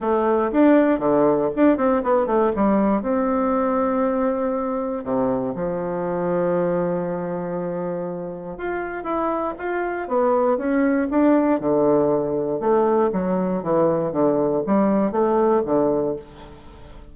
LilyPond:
\new Staff \with { instrumentName = "bassoon" } { \time 4/4 \tempo 4 = 119 a4 d'4 d4 d'8 c'8 | b8 a8 g4 c'2~ | c'2 c4 f4~ | f1~ |
f4 f'4 e'4 f'4 | b4 cis'4 d'4 d4~ | d4 a4 fis4 e4 | d4 g4 a4 d4 | }